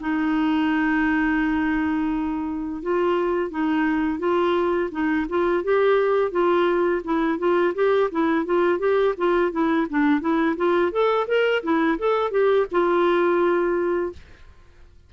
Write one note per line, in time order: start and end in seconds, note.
0.00 2.82 D#4
2.82 3.50 F4
3.50 4.19 D#4
4.19 4.89 F4
4.91 5.26 D#4
5.29 5.63 F4
5.63 6.31 G4
6.31 7.01 F4
7.04 7.38 E4
7.38 7.74 F4
7.75 8.10 G4
8.11 8.45 E4
8.45 8.79 F4
8.79 9.14 G4
9.17 9.51 F4
9.51 9.87 E4
9.89 10.20 D4
10.20 10.55 E4
10.56 10.91 F4
10.91 11.27 A4
11.27 11.62 A#4
11.63 11.98 E4
11.98 12.30 A4
12.30 12.66 G4
12.71 14.12 F4